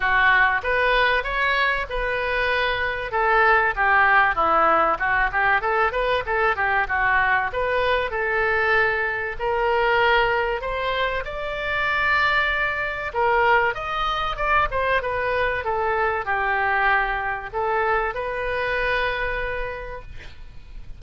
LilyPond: \new Staff \with { instrumentName = "oboe" } { \time 4/4 \tempo 4 = 96 fis'4 b'4 cis''4 b'4~ | b'4 a'4 g'4 e'4 | fis'8 g'8 a'8 b'8 a'8 g'8 fis'4 | b'4 a'2 ais'4~ |
ais'4 c''4 d''2~ | d''4 ais'4 dis''4 d''8 c''8 | b'4 a'4 g'2 | a'4 b'2. | }